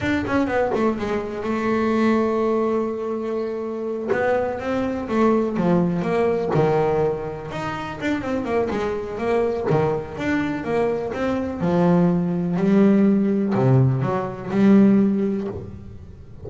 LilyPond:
\new Staff \with { instrumentName = "double bass" } { \time 4/4 \tempo 4 = 124 d'8 cis'8 b8 a8 gis4 a4~ | a1~ | a8 b4 c'4 a4 f8~ | f8 ais4 dis2 dis'8~ |
dis'8 d'8 c'8 ais8 gis4 ais4 | dis4 d'4 ais4 c'4 | f2 g2 | c4 fis4 g2 | }